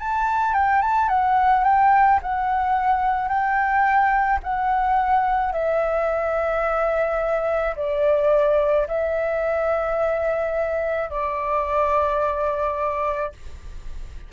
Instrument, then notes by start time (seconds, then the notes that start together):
flute
0.00 A5
0.54 G5
0.82 A5
1.09 F#5
1.65 G5
2.23 F#5
3.29 G5
4.43 F#5
5.53 E5
7.77 D5
8.88 E5
11.11 D5